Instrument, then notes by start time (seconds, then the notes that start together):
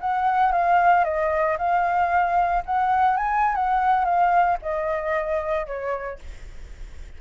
flute
0.00 F#5
0.51 F5
1.04 D#5
1.57 F5
2.65 F#5
3.17 G#5
3.55 F#5
4.04 F5
4.61 D#5
5.66 C#5